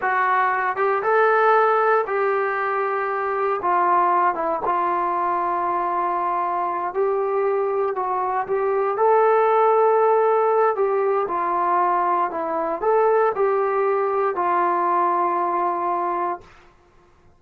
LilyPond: \new Staff \with { instrumentName = "trombone" } { \time 4/4 \tempo 4 = 117 fis'4. g'8 a'2 | g'2. f'4~ | f'8 e'8 f'2.~ | f'4. g'2 fis'8~ |
fis'8 g'4 a'2~ a'8~ | a'4 g'4 f'2 | e'4 a'4 g'2 | f'1 | }